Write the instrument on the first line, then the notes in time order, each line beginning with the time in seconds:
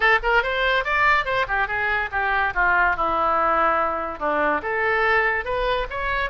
oboe
0.00 A4
0.22 A#4
0.42 C5
0.84 D5
1.25 C5
1.48 G4
1.67 G#4
2.11 G4
2.54 F4
2.96 E4
4.19 D4
4.62 A4
5.44 B4
5.90 C#5